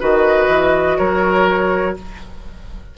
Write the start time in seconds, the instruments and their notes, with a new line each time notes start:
0.00 bassoon D#3, clarinet F#4, oboe B4, flute D#5
0.48 bassoon E3
0.98 bassoon F#3, oboe A#4, flute C#5